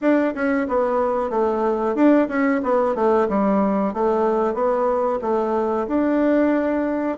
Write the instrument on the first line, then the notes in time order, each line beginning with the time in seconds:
bassoon
0.01 D4
0.34 C#4
0.68 B3
1.30 A3
1.95 D4
2.28 C#4
2.63 B3
2.95 A3
3.28 G3
3.93 A3
4.54 B3
5.21 A3
5.87 D4